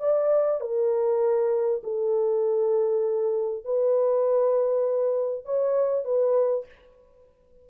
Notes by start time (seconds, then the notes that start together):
0.00 D5
0.61 A#4
1.83 A4
3.65 B4
5.45 C#5
6.04 B4